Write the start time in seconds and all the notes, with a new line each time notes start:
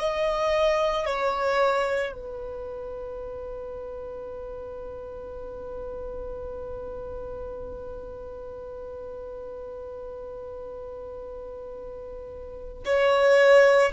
0.00 D#5
1.06 C#5
2.13 B4
12.86 C#5